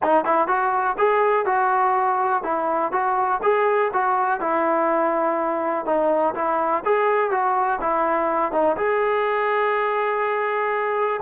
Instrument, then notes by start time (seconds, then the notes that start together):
trombone
0.02 D#4
0.24 E4
0.47 F#4
0.98 G#4
1.45 F#4
2.43 E4
2.92 F#4
3.42 G#4
3.93 F#4
4.40 E4
5.85 D#4
6.35 E4
6.84 G#4
7.30 F#4
7.80 E4
8.52 D#4
8.76 G#4